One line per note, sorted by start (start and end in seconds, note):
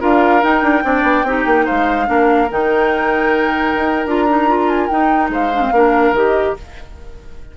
0.00 0.43 D4
0.00 0.42 F4
0.00 0.83 A#4
0.00 0.43 F5
0.42 0.83 D#4
0.42 0.62 D#4
0.42 1.66 G5
0.62 0.83 D4
0.83 1.03 C4
0.83 1.24 D4
0.83 1.27 D5
1.03 1.23 B3
1.23 1.44 C4
1.23 2.06 D#4
1.23 1.65 G4
1.46 1.67 A#3
1.65 2.08 G#3
1.65 2.06 C5
1.65 2.49 F5
2.06 2.50 A#3
2.06 2.47 D4
2.06 5.32 A#4
2.51 3.75 D#3
2.51 4.07 D#4
2.51 4.08 G5
3.75 4.05 D#4
4.05 4.89 D4
4.05 4.28 F4
4.05 4.69 A#5
4.29 4.48 D#4
4.48 4.89 F4
4.69 4.87 G#5
4.87 5.52 D#4
4.87 5.29 D#4
4.87 5.29 G5
5.29 5.71 G#3
5.29 5.73 C5
5.29 6.14 F5
5.54 5.61 D4
5.61 5.72 C4
5.71 6.11 A#3
5.71 6.15 D4
5.71 6.57 A#4
6.11 6.53 D#3
6.11 6.57 G4
6.11 6.56 D#5